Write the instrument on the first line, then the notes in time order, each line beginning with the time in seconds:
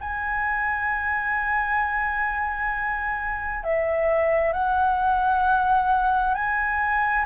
flute
0.00 G#5
3.63 E5
4.52 F#5
6.34 G#5